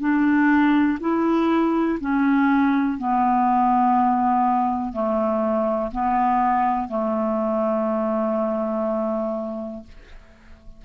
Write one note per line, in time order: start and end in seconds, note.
0.00 0.98 D4
1.00 1.99 E4
2.00 2.98 C#4
2.98 4.93 B3
4.93 5.91 A3
5.92 6.88 B3
6.88 9.83 A3